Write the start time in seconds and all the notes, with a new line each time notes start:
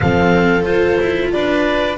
0.00 F3 C4 A4 F5
0.62 F4 C5
1.00 E4
1.32 D4 B4 D5